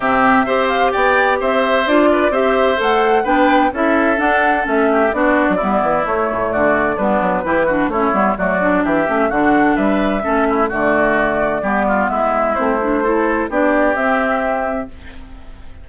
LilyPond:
<<
  \new Staff \with { instrumentName = "flute" } { \time 4/4 \tempo 4 = 129 e''4. f''8 g''4 e''4 | d''4 e''4 fis''4 g''4 | e''4 fis''4 e''4 d''4~ | d''4 cis''4 d''4 b'4~ |
b'4 cis''4 d''4 e''4 | fis''4 e''2 d''4~ | d''2 e''4 c''4~ | c''4 d''4 e''2 | }
  \new Staff \with { instrumentName = "oboe" } { \time 4/4 g'4 c''4 d''4 c''4~ | c''8 b'8 c''2 b'4 | a'2~ a'8 g'8 fis'4 | e'2 fis'4 d'4 |
g'8 fis'8 e'4 fis'4 g'4 | fis'4 b'4 a'8 e'8 fis'4~ | fis'4 g'8 f'8 e'2 | a'4 g'2. | }
  \new Staff \with { instrumentName = "clarinet" } { \time 4/4 c'4 g'2. | f'4 g'4 a'4 d'4 | e'4 d'4 cis'4 d'4 | b4 a2 b4 |
e'8 d'8 cis'8 b8 a8 d'4 cis'8 | d'2 cis'4 a4~ | a4 b2 c'8 d'8 | e'4 d'4 c'2 | }
  \new Staff \with { instrumentName = "bassoon" } { \time 4/4 c4 c'4 b4 c'4 | d'4 c'4 a4 b4 | cis'4 d'4 a4 b8. fis16 | g8 e8 a8 a,8 d4 g8 fis8 |
e4 a8 g8 fis4 e8 a8 | d4 g4 a4 d4~ | d4 g4 gis4 a4~ | a4 b4 c'2 | }
>>